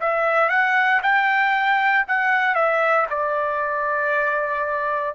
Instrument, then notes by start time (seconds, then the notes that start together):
trumpet
0.00 E5
0.49 F#5
1.02 G5
2.07 F#5
2.54 E5
3.09 D5